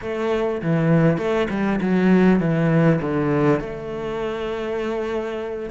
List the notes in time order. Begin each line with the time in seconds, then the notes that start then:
0.01 A3
0.62 E3
1.17 A3
1.50 G3
1.81 F#3
2.40 E3
3.01 D3
3.59 A3